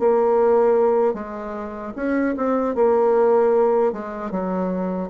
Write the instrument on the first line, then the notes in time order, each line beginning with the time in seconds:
bassoon
0.00 A#3
1.14 G#3
1.96 C#4
2.37 C4
2.76 A#3
3.93 G#3
4.31 F#3